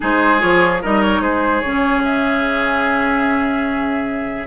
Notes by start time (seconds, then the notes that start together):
0.00 G#3 D#4 G#4 C5
0.39 F3 F4 C#5
0.82 G3 D#4 A#4 D#5
1.02 C#5
1.20 G#3 G#4 C5
1.60 C#3 C#4 C#5
2.04 E5